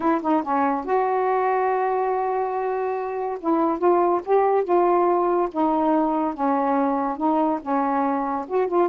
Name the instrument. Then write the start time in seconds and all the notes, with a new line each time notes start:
saxophone
0.00 E4
0.21 D#4
0.42 C#4
0.85 F#4
3.39 E4
3.78 F4
4.25 G4
4.64 F4
5.51 D#4
6.34 C#4
7.17 D#4
7.61 C#4
8.47 F#4
8.67 F4